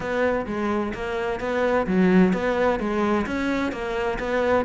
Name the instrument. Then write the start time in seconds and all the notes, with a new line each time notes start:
cello
0.00 B3
0.46 G#3
0.94 A#3
1.40 B3
1.86 F#3
2.33 B3
2.79 G#3
3.26 C#4
3.71 A#3
4.19 B3